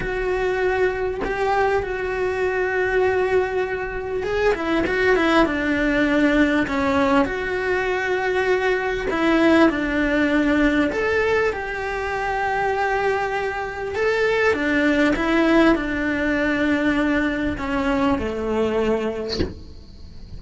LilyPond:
\new Staff \with { instrumentName = "cello" } { \time 4/4 \tempo 4 = 99 fis'2 g'4 fis'4~ | fis'2. gis'8 e'8 | fis'8 e'8 d'2 cis'4 | fis'2. e'4 |
d'2 a'4 g'4~ | g'2. a'4 | d'4 e'4 d'2~ | d'4 cis'4 a2 | }